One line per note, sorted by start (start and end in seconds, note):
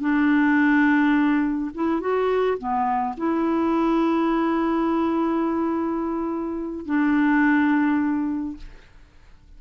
0.00 1.71 D4
1.75 2.00 E4
2.00 2.57 F#4
2.58 3.15 B3
3.17 6.85 E4
6.85 8.57 D4